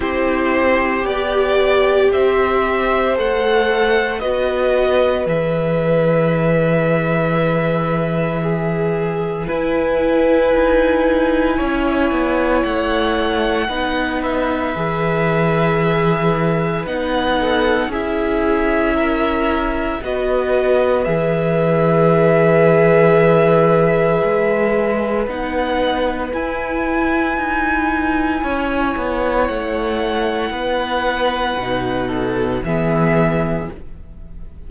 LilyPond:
<<
  \new Staff \with { instrumentName = "violin" } { \time 4/4 \tempo 4 = 57 c''4 d''4 e''4 fis''4 | dis''4 e''2.~ | e''4 gis''2. | fis''4. e''2~ e''8 |
fis''4 e''2 dis''4 | e''1 | fis''4 gis''2. | fis''2. e''4 | }
  \new Staff \with { instrumentName = "violin" } { \time 4/4 g'2 c''2 | b'1 | gis'4 b'2 cis''4~ | cis''4 b'2.~ |
b'8 a'8 gis'4 ais'4 b'4~ | b'1~ | b'2. cis''4~ | cis''4 b'4. a'8 gis'4 | }
  \new Staff \with { instrumentName = "viola" } { \time 4/4 e'4 g'2 a'4 | fis'4 gis'2.~ | gis'4 e'2.~ | e'4 dis'4 gis'2 |
dis'4 e'2 fis'4 | gis'1 | dis'4 e'2.~ | e'2 dis'4 b4 | }
  \new Staff \with { instrumentName = "cello" } { \time 4/4 c'4 b4 c'4 a4 | b4 e2.~ | e4 e'4 dis'4 cis'8 b8 | a4 b4 e2 |
b4 cis'2 b4 | e2. gis4 | b4 e'4 dis'4 cis'8 b8 | a4 b4 b,4 e4 | }
>>